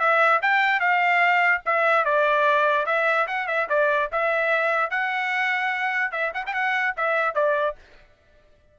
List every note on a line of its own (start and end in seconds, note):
0.00 0.41 E5
0.42 0.80 G5
0.80 1.62 F5
1.66 2.05 E5
2.05 2.86 D5
2.86 3.27 E5
3.28 3.48 F#5
3.48 3.68 E5
3.70 4.11 D5
4.12 4.91 E5
4.91 6.12 F#5
6.12 6.33 E5
6.35 6.45 F#5
6.47 6.54 G5
6.54 6.95 F#5
6.97 7.35 E5
7.35 7.76 D5